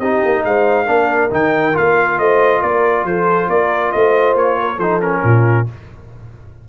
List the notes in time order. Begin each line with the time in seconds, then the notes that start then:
0.00 C4 D#4 G4 D#5
0.25 A#3
0.45 G#3 C5 F5
0.85 A#3 D4 A#4
1.31 D#3 D#4 G5
1.74 A#3 F4 F5
2.19 A3 C5 D#5
2.62 A#3 A#4 D5
3.04 F3 A4 C5
3.49 A#3 A#4 D5
3.92 A3 C5 D#5
4.35 A#3 C#5
4.60 A#4
4.77 F3 D#4 A4 C5
5.01 C#4 A#4
5.24 A#2 F4